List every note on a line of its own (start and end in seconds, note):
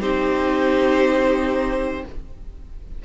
0.00 2.04 C4
0.00 2.05 D#4
0.00 2.03 G4
0.00 2.05 C5